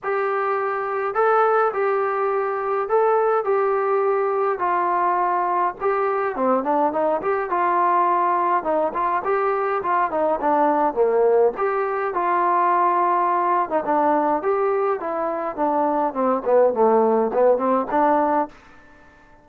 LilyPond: \new Staff \with { instrumentName = "trombone" } { \time 4/4 \tempo 4 = 104 g'2 a'4 g'4~ | g'4 a'4 g'2 | f'2 g'4 c'8 d'8 | dis'8 g'8 f'2 dis'8 f'8 |
g'4 f'8 dis'8 d'4 ais4 | g'4 f'2~ f'8. dis'16 | d'4 g'4 e'4 d'4 | c'8 b8 a4 b8 c'8 d'4 | }